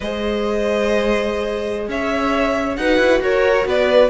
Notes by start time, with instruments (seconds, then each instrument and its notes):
0.00 cello G#3, viola G#4, violin C5 D#5
1.88 cello C#4, violin C#5 E5
2.76 cello D#4, viola F#4, violin B4 F#5
2.97 cello E4
3.20 cello F#4, violin A#4 C#5
3.65 cello B3, violin B4 D5